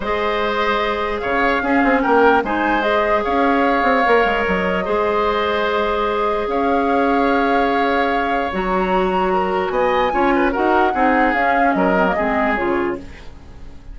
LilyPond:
<<
  \new Staff \with { instrumentName = "flute" } { \time 4/4 \tempo 4 = 148 dis''2. f''4~ | f''4 g''4 gis''4 dis''4 | f''2. dis''4~ | dis''1 |
f''1~ | f''4 ais''2. | gis''2 fis''2 | f''4 dis''2 cis''4 | }
  \new Staff \with { instrumentName = "oboe" } { \time 4/4 c''2. cis''4 | gis'4 ais'4 c''2 | cis''1 | c''1 |
cis''1~ | cis''2. ais'4 | dis''4 cis''8 b'8 ais'4 gis'4~ | gis'4 ais'4 gis'2 | }
  \new Staff \with { instrumentName = "clarinet" } { \time 4/4 gis'1 | cis'2 dis'4 gis'4~ | gis'2 ais'2 | gis'1~ |
gis'1~ | gis'4 fis'2.~ | fis'4 f'4 fis'4 dis'4 | cis'4. c'16 ais16 c'4 f'4 | }
  \new Staff \with { instrumentName = "bassoon" } { \time 4/4 gis2. cis4 | cis'8 c'8 ais4 gis2 | cis'4. c'8 ais8 gis8 fis4 | gis1 |
cis'1~ | cis'4 fis2. | b4 cis'4 dis'4 c'4 | cis'4 fis4 gis4 cis4 | }
>>